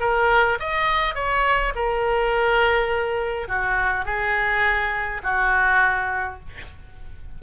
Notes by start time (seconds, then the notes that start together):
0.00 A#4
0.59 D#5
1.15 C#5
1.75 A#4
3.48 F#4
4.05 G#4
5.23 F#4